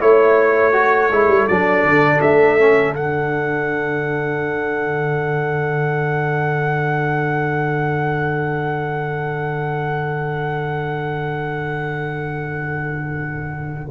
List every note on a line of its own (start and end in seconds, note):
0.00 1.10 A3
0.00 0.72 E4
0.00 0.74 C#5
0.00 1.47 C#5
0.72 1.09 F#4
0.72 13.91 A4
1.10 1.28 G#3
1.10 1.49 E4
1.28 1.46 G3
1.47 1.84 F#3
1.47 2.59 D4
1.47 2.20 D5
1.84 2.20 D3
2.21 2.94 A3
2.21 2.94 E5
2.59 2.95 C#4
2.94 13.91 D3
2.94 13.91 D4
2.94 13.91 F#5